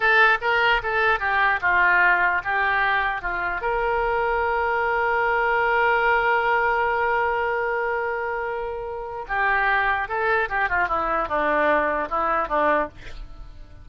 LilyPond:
\new Staff \with { instrumentName = "oboe" } { \time 4/4 \tempo 4 = 149 a'4 ais'4 a'4 g'4 | f'2 g'2 | f'4 ais'2.~ | ais'1~ |
ais'1~ | ais'2. g'4~ | g'4 a'4 g'8 f'8 e'4 | d'2 e'4 d'4 | }